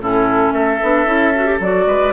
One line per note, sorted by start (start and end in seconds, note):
0.00 0.53 A2
0.00 0.81 C#4
0.00 0.54 E4
0.00 0.53 A4
0.53 0.80 A3
0.53 1.87 A4
0.53 1.59 E5
0.83 1.05 B3
0.83 1.06 D4
1.05 1.58 C#4
1.05 1.33 E4
1.36 1.46 F#4
1.46 1.60 G4
1.60 1.87 F#3
1.60 2.13 F#4
1.60 2.13 D5
1.87 2.13 G#3
1.87 2.13 B4